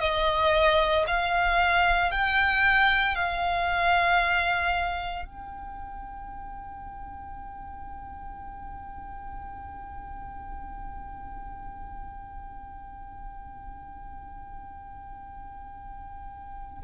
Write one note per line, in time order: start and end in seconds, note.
0.00 1.05 D#5
1.07 2.11 F5
2.11 3.15 G5
3.15 5.25 F5
5.25 16.83 G5